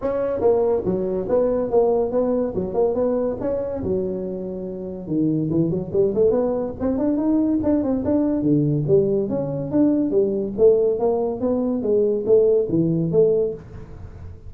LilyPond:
\new Staff \with { instrumentName = "tuba" } { \time 4/4 \tempo 4 = 142 cis'4 ais4 fis4 b4 | ais4 b4 fis8 ais8 b4 | cis'4 fis2. | dis4 e8 fis8 g8 a8 b4 |
c'8 d'8 dis'4 d'8 c'8 d'4 | d4 g4 cis'4 d'4 | g4 a4 ais4 b4 | gis4 a4 e4 a4 | }